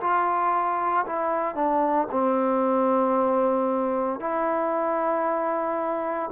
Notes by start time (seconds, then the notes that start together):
0.00 F4
1.06 E4
1.55 D4
2.11 C4
4.20 E4